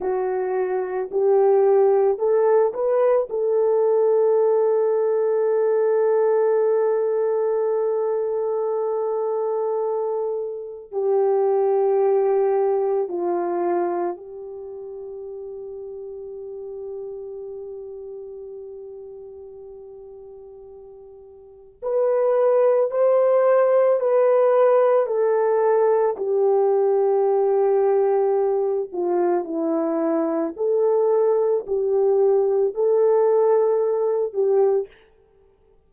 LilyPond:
\new Staff \with { instrumentName = "horn" } { \time 4/4 \tempo 4 = 55 fis'4 g'4 a'8 b'8 a'4~ | a'1~ | a'2 g'2 | f'4 g'2.~ |
g'1 | b'4 c''4 b'4 a'4 | g'2~ g'8 f'8 e'4 | a'4 g'4 a'4. g'8 | }